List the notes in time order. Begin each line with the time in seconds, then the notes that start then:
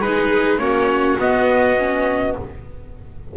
0.00 G#3 D#4 G#4 B4
0.58 A#3 C#4 F#4 C#5
1.19 B3 D#5
1.78 C#4